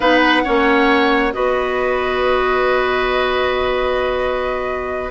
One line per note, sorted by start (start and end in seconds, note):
0.00 0.44 B3
0.00 0.44 D#4
0.00 0.42 B4
0.00 1.33 F#5
0.44 1.34 A#3
0.44 1.32 C#4
0.44 1.33 C#5
1.32 5.11 B3
1.32 5.10 F#4
1.32 5.11 B4
1.32 5.11 D#5